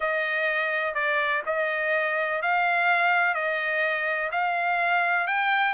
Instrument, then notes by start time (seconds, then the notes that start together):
trumpet
0.00 D#5
0.94 D5
1.46 D#5
2.42 F5
3.34 D#5
4.31 F5
5.27 G5